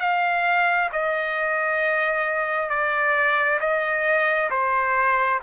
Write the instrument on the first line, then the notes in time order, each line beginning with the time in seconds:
trumpet
0.00 F5
0.93 D#5
2.70 D5
3.61 D#5
4.51 C5